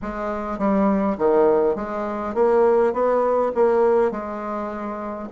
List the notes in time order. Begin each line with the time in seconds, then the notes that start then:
0.02 G#3
0.58 G3
1.18 D#3
1.75 G#3
2.34 A#3
2.93 B3
3.55 A#3
4.11 G#3